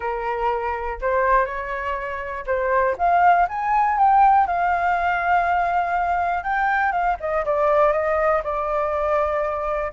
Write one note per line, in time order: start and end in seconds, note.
0.00 0.99 A#4
1.01 1.45 C5
1.45 2.44 C#5
2.46 2.96 C5
2.98 3.47 F5
3.48 3.97 G#5
3.97 4.46 G5
4.46 6.43 F5
6.43 6.92 G5
6.92 7.16 F5
7.19 7.44 D#5
7.45 7.92 D5
7.92 8.41 D#5
8.43 9.92 D5